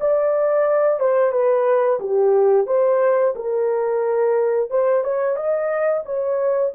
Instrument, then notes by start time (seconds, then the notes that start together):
horn
0.00 D5
1.00 C5
1.32 B4
2.00 G4
2.67 C5
3.36 A#4
4.70 C5
5.04 C#5
5.36 D#5
6.05 C#5